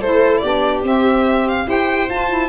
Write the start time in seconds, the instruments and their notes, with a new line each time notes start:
0.00 tuba A3, saxophone E4, viola A4, violin C5
0.38 tuba B3, viola G4, violin D5
0.45 saxophone D4
0.83 tuba C4, saxophone C4, violin E5
1.48 violin F5
1.66 tuba E4, saxophone G4, viola C5, violin G5
2.09 tuba F4, saxophone F4, violin A5
2.29 saxophone E4